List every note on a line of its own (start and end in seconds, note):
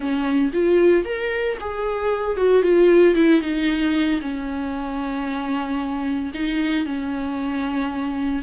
0.00 0.51 C#4
0.53 1.04 F4
1.04 1.57 A#4
1.60 2.37 G#4
2.37 2.62 F#4
2.62 3.14 F4
3.14 3.41 E4
3.41 4.20 D#4
4.21 6.31 C#4
6.33 6.85 D#4
6.85 8.42 C#4